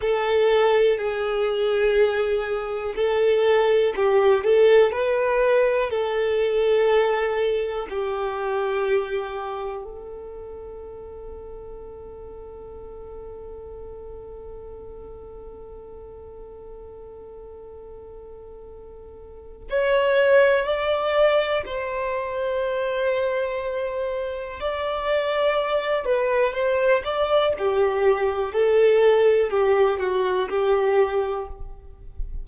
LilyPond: \new Staff \with { instrumentName = "violin" } { \time 4/4 \tempo 4 = 61 a'4 gis'2 a'4 | g'8 a'8 b'4 a'2 | g'2 a'2~ | a'1~ |
a'1 | cis''4 d''4 c''2~ | c''4 d''4. b'8 c''8 d''8 | g'4 a'4 g'8 fis'8 g'4 | }